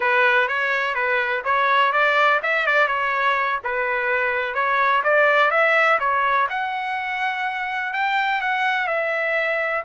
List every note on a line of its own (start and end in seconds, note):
0.00 0.47 B4
0.47 0.94 C#5
0.94 1.42 B4
1.44 1.92 C#5
1.92 2.40 D5
2.42 2.66 E5
2.66 2.87 D5
2.87 3.59 C#5
3.64 4.54 B4
4.54 5.02 C#5
5.03 5.50 D5
5.50 5.98 E5
5.99 6.47 C#5
6.49 7.93 F#5
7.93 8.41 G5
8.41 8.87 F#5
8.87 9.83 E5